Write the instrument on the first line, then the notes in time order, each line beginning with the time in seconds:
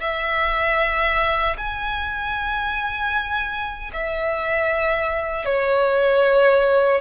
violin
0.00 E5
1.57 G#5
3.93 E5
5.45 C#5